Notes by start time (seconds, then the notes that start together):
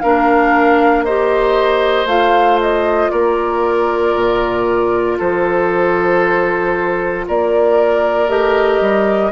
0.00 A#3 D4 A#4 F5
1.04 G4 C5 D#5
2.05 A3 F4 F5
2.61 D#5
3.10 A#3 A#4 D5
4.15 A#2
5.18 F3 A4 C5
7.28 A#3 A#4 D5
8.29 A3 G4 D#5
8.81 G3